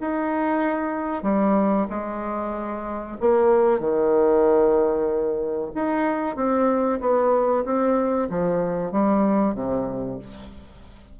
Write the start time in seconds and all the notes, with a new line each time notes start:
0.00 D#4
1.23 G3
1.89 G#3
3.20 A#3
3.79 D#3
5.75 D#4
6.36 C4
7.00 B3
7.65 C4
8.29 F3
8.91 G3
9.54 C3